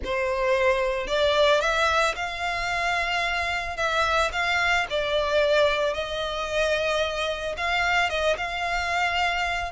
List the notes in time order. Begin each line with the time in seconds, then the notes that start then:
0.04 C5
1.07 D5
1.60 E5
2.15 F5
3.77 E5
4.32 F5
4.89 D5
5.93 D#5
7.57 F5
8.09 D#5
8.37 F5